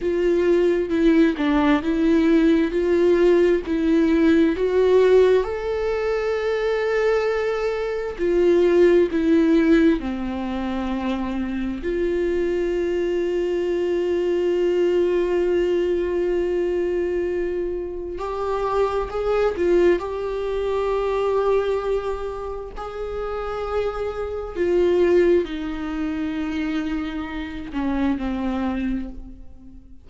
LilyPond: \new Staff \with { instrumentName = "viola" } { \time 4/4 \tempo 4 = 66 f'4 e'8 d'8 e'4 f'4 | e'4 fis'4 a'2~ | a'4 f'4 e'4 c'4~ | c'4 f'2.~ |
f'1 | g'4 gis'8 f'8 g'2~ | g'4 gis'2 f'4 | dis'2~ dis'8 cis'8 c'4 | }